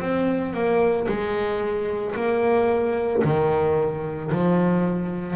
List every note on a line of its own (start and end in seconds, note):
0.00 0.54 C4
0.54 1.07 A#3
1.09 2.16 G#3
2.16 3.23 A#3
3.24 4.31 D#3
4.32 5.36 F3